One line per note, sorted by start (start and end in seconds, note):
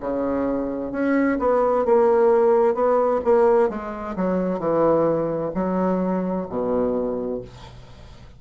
0.00 0.92 C#3
0.92 1.38 C#4
1.39 1.85 B3
1.85 2.74 A#3
2.74 3.20 B3
3.24 3.69 A#3
3.69 4.15 G#3
4.16 4.59 F#3
4.59 5.51 E3
5.54 6.47 F#3
6.49 7.41 B2